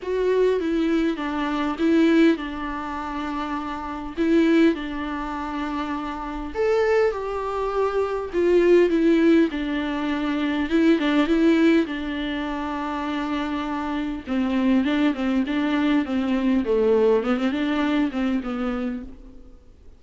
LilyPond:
\new Staff \with { instrumentName = "viola" } { \time 4/4 \tempo 4 = 101 fis'4 e'4 d'4 e'4 | d'2. e'4 | d'2. a'4 | g'2 f'4 e'4 |
d'2 e'8 d'8 e'4 | d'1 | c'4 d'8 c'8 d'4 c'4 | a4 b16 c'16 d'4 c'8 b4 | }